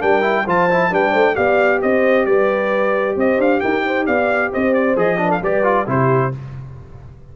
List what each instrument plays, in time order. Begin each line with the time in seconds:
0.00 tuba G3, trombone D4, horn A#4, trumpet G5
0.22 trombone E4
0.46 tuba F3, trombone F4, horn C5, trumpet A5
0.71 trombone E4
0.91 tuba G3, trombone D4, horn B4, trumpet G5
1.11 tuba A3, horn C5
1.35 tuba B3, trombone G4, horn D5, trumpet F5
1.82 tuba C4, horn C5, trumpet D#5
2.26 tuba G3, horn B4, trumpet D5
3.17 tuba C4, horn C5, trumpet D#5
3.39 tuba D4, trumpet F5
3.61 tuba D#4, horn A#4, trumpet G5
3.87 horn C5
4.06 tuba B3, horn D5, trumpet F5
4.52 tuba C4, horn C5, trumpet D#5
4.74 trumpet D5
4.96 tuba F3, trombone G#4, trumpet D#5
5.18 trombone D4, horn B4
5.29 horn A4, trumpet F5
5.42 tuba G3, trombone G4, horn B4, trumpet D5
5.64 trombone F4
5.87 tuba C3, trombone E4, horn G4, trumpet C5